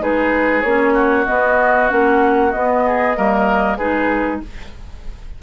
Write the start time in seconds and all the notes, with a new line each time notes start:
0.00 G#3 D#4 G#4 B4
0.61 A#3 C#4 C#5
0.94 F#4
1.26 B3 D#5
1.89 A#3 C#4 F#5
2.51 B3 D#5
2.86 G#4
3.15 G3 A#3 A#4
3.77 G#3 D#4 G#4 B4